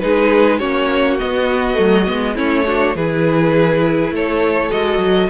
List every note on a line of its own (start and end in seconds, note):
0.00 0.61 G#3
0.00 0.60 D#4
0.00 0.60 G#4
0.00 0.58 B4
0.58 1.20 A#3
0.58 1.19 C#4
0.58 2.35 F#4
0.58 1.17 C#5
1.19 1.75 B3
1.19 1.79 B3
1.19 2.37 D#5
1.75 2.08 F#3
1.75 2.04 A3
2.07 2.38 G#3
2.07 2.35 B3
2.35 2.95 A3
2.35 2.65 C#4
2.35 2.64 E4
2.35 2.97 C#5
2.67 2.96 D4
2.67 2.96 F#4
2.95 4.11 E3
2.95 4.70 E4
2.95 4.14 G#4
2.95 4.14 B4
4.11 4.70 A3
4.11 5.30 A4
4.11 4.72 C#5
4.70 4.99 G#3
4.70 5.29 F#4
4.70 5.30 D#5
4.99 5.28 F#3